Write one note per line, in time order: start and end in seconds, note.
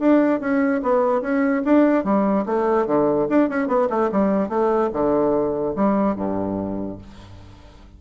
0.00 0.41 D4
0.41 0.82 C#4
0.83 1.22 B3
1.22 1.63 C#4
1.65 2.05 D4
2.05 2.46 G3
2.46 2.87 A3
2.87 3.28 D3
3.30 3.50 D4
3.50 3.68 C#4
3.68 3.89 B3
3.90 4.11 A3
4.12 4.49 G3
4.49 4.90 A3
4.93 5.75 D3
5.76 6.16 G3
6.16 6.98 G2